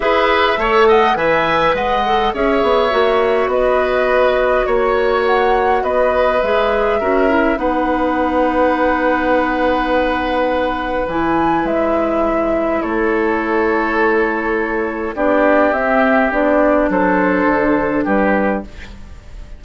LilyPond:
<<
  \new Staff \with { instrumentName = "flute" } { \time 4/4 \tempo 4 = 103 e''4. fis''8 gis''4 fis''4 | e''2 dis''2 | cis''4 fis''4 dis''4 e''4~ | e''4 fis''2.~ |
fis''2. gis''4 | e''2 cis''2~ | cis''2 d''4 e''4 | d''4 c''2 b'4 | }
  \new Staff \with { instrumentName = "oboe" } { \time 4/4 b'4 cis''8 dis''8 e''4 dis''4 | cis''2 b'2 | cis''2 b'2 | ais'4 b'2.~ |
b'1~ | b'2 a'2~ | a'2 g'2~ | g'4 a'2 g'4 | }
  \new Staff \with { instrumentName = "clarinet" } { \time 4/4 gis'4 a'4 b'4. a'8 | gis'4 fis'2.~ | fis'2. gis'4 | fis'8 e'8 dis'2.~ |
dis'2. e'4~ | e'1~ | e'2 d'4 c'4 | d'1 | }
  \new Staff \with { instrumentName = "bassoon" } { \time 4/4 e'4 a4 e4 gis4 | cis'8 b8 ais4 b2 | ais2 b4 gis4 | cis'4 b2.~ |
b2. e4 | gis2 a2~ | a2 b4 c'4 | b4 fis4 d4 g4 | }
>>